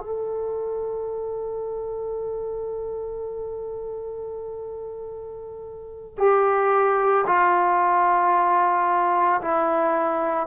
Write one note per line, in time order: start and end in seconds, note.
0.00 6.16 A4
6.19 7.26 G4
7.27 9.41 F4
9.42 10.47 E4